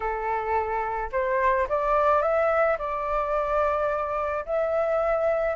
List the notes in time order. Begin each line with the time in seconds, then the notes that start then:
0.00 A4
1.12 C5
1.68 D5
2.21 E5
2.78 D5
4.45 E5